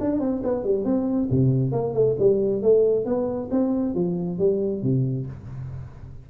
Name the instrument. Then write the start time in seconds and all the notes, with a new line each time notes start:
tuba
0.00 D4
0.20 C4
0.44 B3
0.64 G3
0.85 C4
1.31 C3
1.72 A#3
1.94 A3
2.19 G3
2.62 A3
3.05 B3
3.51 C4
3.95 F3
4.39 G3
4.82 C3